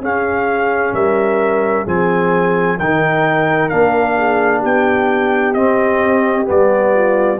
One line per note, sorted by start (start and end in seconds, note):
0.00 0.92 C#4
0.00 1.86 C#4
0.00 0.94 G#4
0.00 0.94 F5
0.93 1.85 G3
0.93 1.84 A#4
0.93 1.86 E5
1.84 2.78 F3
1.84 2.78 C4
1.84 2.77 G#4
1.84 2.79 G#5
2.77 3.72 D#3
2.77 3.70 D#4
2.77 4.16 A#4
2.77 3.69 G5
3.69 4.64 A#3
3.69 5.55 D4
3.69 4.61 F5
4.17 4.59 G#4
4.59 5.55 B3
4.59 6.90 G4
4.59 5.53 G5
5.53 6.47 C4
5.53 6.44 C4
5.53 6.46 D#5
6.44 7.39 G3
6.44 7.37 B3
6.44 7.39 D5
6.94 7.39 F4